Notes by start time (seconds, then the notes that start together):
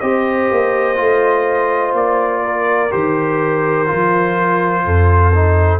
0.00 C4 G4 C5 D#5
0.51 A#3
0.96 A3 F4
1.93 A#3 D5
2.43 A#4
2.91 D#3 G4 C5
3.86 F3 F4
4.85 F2 A4
5.34 D#4